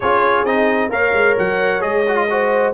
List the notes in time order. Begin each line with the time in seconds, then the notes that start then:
0.00 C#4 F4 G#4 C#5
0.43 C4 D#4 D#5
0.89 A#3 A#4 C#5 F5
1.12 G#3
1.38 F#3 F#5
1.80 G#3 G#4 D#5
2.08 F#4
2.15 F4
2.29 F#4 C5